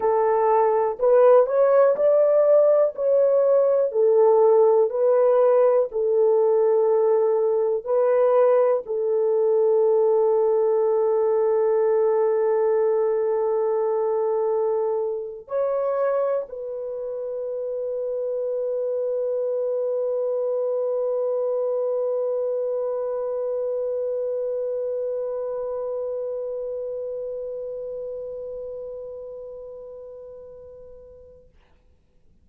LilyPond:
\new Staff \with { instrumentName = "horn" } { \time 4/4 \tempo 4 = 61 a'4 b'8 cis''8 d''4 cis''4 | a'4 b'4 a'2 | b'4 a'2.~ | a'2.~ a'8. cis''16~ |
cis''8. b'2.~ b'16~ | b'1~ | b'1~ | b'1 | }